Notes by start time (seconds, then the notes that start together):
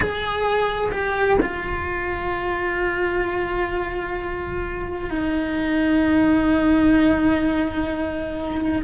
0.00 G#4
0.91 G4
1.41 F4
5.10 D#4